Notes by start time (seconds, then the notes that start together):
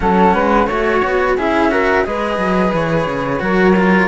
0.00 F#3 C#4 A4 F#5
0.34 G#3 B4
0.66 A3 F#4 C#5
1.04 B3
1.36 C#4 E4 G#4 E5
1.71 F#4 A#4
2.04 G#3 G#4 B4 D#5
2.37 F#3
2.72 E3 C#5
3.06 C#3
3.39 F#3 F#4 A#4
3.76 F4